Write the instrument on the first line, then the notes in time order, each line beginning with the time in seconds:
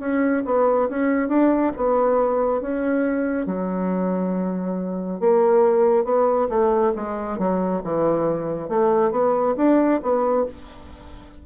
bassoon
0.00 C#4
0.46 B3
0.90 C#4
1.29 D4
1.77 B3
2.62 C#4
3.47 F#3
5.20 A#3
6.05 B3
6.50 A3
6.96 G#3
7.39 F#3
7.85 E3
8.70 A3
9.12 B3
9.57 D4
10.03 B3